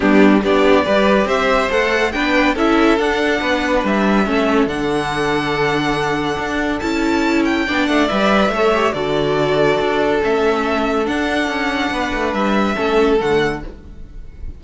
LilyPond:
<<
  \new Staff \with { instrumentName = "violin" } { \time 4/4 \tempo 4 = 141 g'4 d''2 e''4 | fis''4 g''4 e''4 fis''4~ | fis''4 e''2 fis''4~ | fis''1 |
a''4. g''4 fis''8 e''4~ | e''4 d''2. | e''2 fis''2~ | fis''4 e''2 fis''4 | }
  \new Staff \with { instrumentName = "violin" } { \time 4/4 d'4 g'4 b'4 c''4~ | c''4 b'4 a'2 | b'2 a'2~ | a'1~ |
a'2 d''2 | cis''4 a'2.~ | a'1 | b'2 a'2 | }
  \new Staff \with { instrumentName = "viola" } { \time 4/4 b4 d'4 g'2 | a'4 d'4 e'4 d'4~ | d'2 cis'4 d'4~ | d'1 |
e'2 d'4 b'4 | a'8 g'8 fis'2. | cis'2 d'2~ | d'2 cis'4 a4 | }
  \new Staff \with { instrumentName = "cello" } { \time 4/4 g4 b4 g4 c'4 | a4 b4 cis'4 d'4 | b4 g4 a4 d4~ | d2. d'4 |
cis'2 b8 a8 g4 | a4 d2 d'4 | a2 d'4 cis'4 | b8 a8 g4 a4 d4 | }
>>